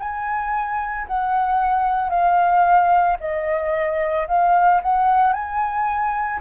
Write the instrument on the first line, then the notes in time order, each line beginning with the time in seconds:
flute
0.00 G#5
1.08 F#5
2.10 F5
3.20 D#5
4.28 F5
4.83 F#5
5.33 G#5